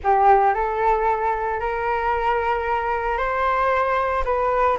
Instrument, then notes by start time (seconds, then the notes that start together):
flute
0.03 G4
0.53 A4
1.60 A#4
3.17 C5
4.24 B4